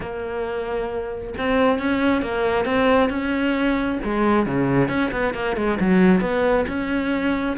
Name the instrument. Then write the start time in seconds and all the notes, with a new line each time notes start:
cello
0.00 A#3
1.37 C4
1.78 C#4
2.22 A#3
2.65 C4
3.09 C#4
4.04 G#3
4.46 C#3
4.88 C#4
5.11 B3
5.34 A#3
5.56 G#3
5.79 F#3
6.21 B3
6.67 C#4